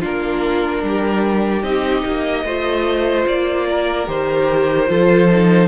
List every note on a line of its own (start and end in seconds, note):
0.00 0.83 A#3
0.00 1.63 D4
0.00 0.81 F4
0.00 1.63 A#4
0.83 1.63 G3
0.83 2.45 G4
1.63 2.03 C4
1.63 2.44 D#4
1.63 3.25 D#5
2.05 2.44 A#3
2.44 3.25 A3
2.44 4.06 F4
2.44 3.67 C5
3.27 4.08 A#3
3.27 4.09 D5
3.71 4.89 A#4
4.06 4.89 D#3
4.06 4.87 G4
4.06 5.69 C5
4.87 5.69 F3
4.87 5.28 F4
4.87 5.69 A4
5.31 5.69 D#4